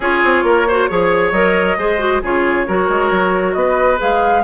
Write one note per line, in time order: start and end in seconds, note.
0.00 0.22 C#4
0.00 0.68 F4
0.00 0.44 G#4
0.00 1.32 C#5
0.23 0.43 C4
0.43 0.87 A#3
0.43 0.67 A#4
0.67 0.89 F#4
0.67 0.89 C5
0.89 1.31 F3
0.89 1.33 G#4
0.89 1.78 C#5
1.31 1.76 F#3
1.31 1.78 A#4
1.31 2.21 D#5
1.77 2.22 G#3
1.77 1.98 G#4
1.77 2.22 C5
1.98 2.20 F#4
2.22 2.67 C#3
2.22 2.67 F4
2.22 2.67 G#4
2.22 3.53 C#5
2.67 2.89 F#3
2.67 3.97 F#4
2.67 3.56 A#4
2.89 3.11 G#3
3.11 3.55 F#3
3.53 3.99 B3
3.53 4.43 B4
3.53 3.97 D#5
3.97 4.43 G#3
3.97 4.41 G#4
3.97 4.43 F5